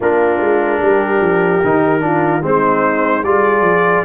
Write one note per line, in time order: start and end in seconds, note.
0.00 0.40 A#3
0.00 1.62 D4
0.00 0.81 F4
0.00 2.45 A#4
0.40 0.81 G#3
0.82 1.21 G3
0.82 2.03 G4
1.21 1.61 F3
1.63 2.43 D#3
1.63 2.00 D#4
2.00 2.41 D4
2.00 2.44 F4
2.42 3.22 G#3
2.42 3.23 C4
2.42 3.25 D#4
2.42 3.24 C5
3.22 3.60 G3
3.22 4.05 F4
3.22 4.05 G#4
3.22 4.05 D5
3.60 4.01 F3